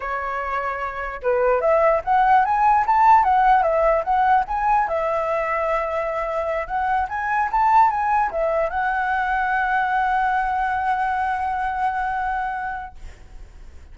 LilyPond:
\new Staff \with { instrumentName = "flute" } { \time 4/4 \tempo 4 = 148 cis''2. b'4 | e''4 fis''4 gis''4 a''4 | fis''4 e''4 fis''4 gis''4 | e''1~ |
e''8 fis''4 gis''4 a''4 gis''8~ | gis''8 e''4 fis''2~ fis''8~ | fis''1~ | fis''1 | }